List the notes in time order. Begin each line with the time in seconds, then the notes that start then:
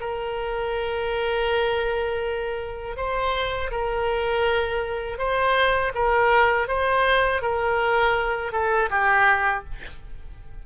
0.00 A#4
2.97 C5
3.71 A#4
5.18 C5
5.95 A#4
6.67 C5
7.42 A#4
8.52 A4
8.90 G4